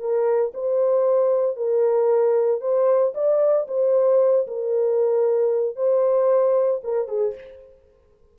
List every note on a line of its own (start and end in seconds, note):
0.00 0.53 A#4
0.54 1.57 C5
1.57 2.61 A#4
2.61 3.13 C5
3.14 3.67 D5
3.68 4.47 C5
4.47 5.76 A#4
5.76 6.81 C5
6.84 7.08 A#4
7.08 7.35 G#4